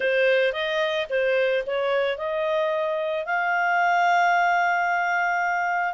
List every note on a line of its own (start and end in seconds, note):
0.00 0.52 C5
0.52 1.06 D#5
1.09 1.63 C5
1.66 2.17 C#5
2.17 3.25 D#5
3.25 5.94 F5